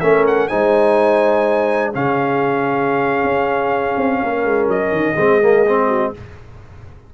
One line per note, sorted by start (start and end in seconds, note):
0.00 0.50 A3
0.00 0.49 C#4
0.00 0.49 A#4
0.00 0.24 E5
0.27 0.48 F#5
0.48 1.95 G#3
0.48 1.93 D#4
0.48 1.93 C5
0.48 1.92 G#5
1.93 3.23 C#3
1.93 5.17 C#4
1.93 4.20 G#4
1.93 4.69 F5
3.23 3.95 C#4
3.97 4.21 C4
4.20 4.44 A#3
4.20 5.16 A#4
4.44 4.67 G#3
4.67 4.91 F#3
4.67 6.13 D#5
4.91 5.15 D#3
5.16 6.12 G#3
5.16 5.42 C4
5.16 5.86 G#4
5.42 5.66 A#3
5.66 6.14 C4
5.86 6.10 F#4